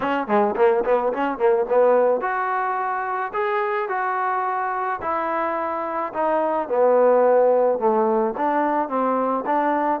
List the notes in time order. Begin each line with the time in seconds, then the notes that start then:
0.00 C#4
0.27 G#3
0.56 A#3
0.85 B3
1.13 C#4
1.37 A#3
1.68 B3
2.20 F#4
3.33 G#4
3.88 F#4
5.01 E4
6.13 D#4
6.68 B3
7.78 A3
8.37 D4
8.88 C4
9.46 D4